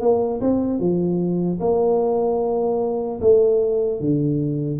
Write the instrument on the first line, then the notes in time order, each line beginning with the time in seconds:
tuba
0.00 A#3
0.40 C4
0.79 F3
1.60 A#3
3.20 A3
4.00 D3